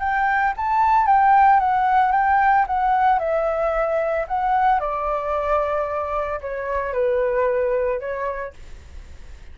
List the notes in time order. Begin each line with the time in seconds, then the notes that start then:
0.00 G5
0.57 A5
1.06 G5
1.60 F#5
2.12 G5
2.67 F#5
3.19 E5
4.28 F#5
4.80 D5
6.41 C#5
6.93 B4
8.00 C#5